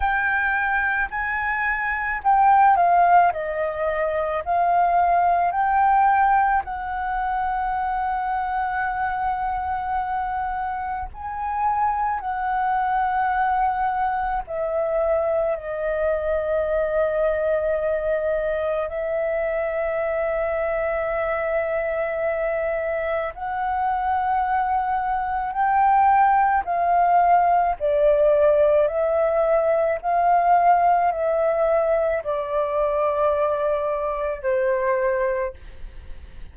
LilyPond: \new Staff \with { instrumentName = "flute" } { \time 4/4 \tempo 4 = 54 g''4 gis''4 g''8 f''8 dis''4 | f''4 g''4 fis''2~ | fis''2 gis''4 fis''4~ | fis''4 e''4 dis''2~ |
dis''4 e''2.~ | e''4 fis''2 g''4 | f''4 d''4 e''4 f''4 | e''4 d''2 c''4 | }